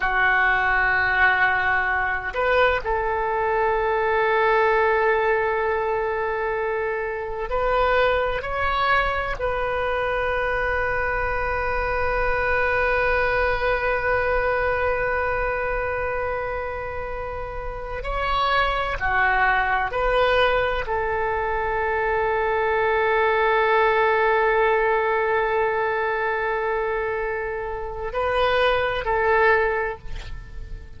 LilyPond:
\new Staff \with { instrumentName = "oboe" } { \time 4/4 \tempo 4 = 64 fis'2~ fis'8 b'8 a'4~ | a'1 | b'4 cis''4 b'2~ | b'1~ |
b'2.~ b'16 cis''8.~ | cis''16 fis'4 b'4 a'4.~ a'16~ | a'1~ | a'2 b'4 a'4 | }